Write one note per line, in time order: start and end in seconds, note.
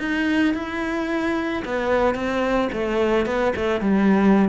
0.00 0.55 D#4
0.55 1.64 E4
1.65 2.15 B3
2.15 2.70 C4
2.73 3.26 A3
3.26 3.54 B3
3.57 3.82 A3
3.82 4.50 G3